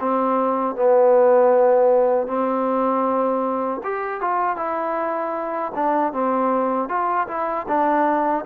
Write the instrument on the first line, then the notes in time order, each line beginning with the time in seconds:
trombone
0.00 C4
0.75 B3
2.27 C4
3.83 G4
4.21 F4
4.56 E4
5.74 D4
6.13 C4
6.88 F4
7.28 E4
7.68 D4